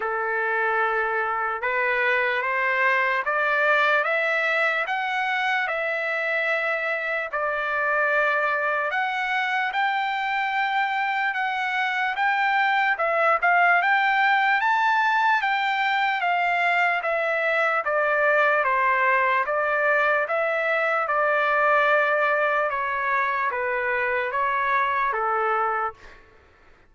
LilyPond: \new Staff \with { instrumentName = "trumpet" } { \time 4/4 \tempo 4 = 74 a'2 b'4 c''4 | d''4 e''4 fis''4 e''4~ | e''4 d''2 fis''4 | g''2 fis''4 g''4 |
e''8 f''8 g''4 a''4 g''4 | f''4 e''4 d''4 c''4 | d''4 e''4 d''2 | cis''4 b'4 cis''4 a'4 | }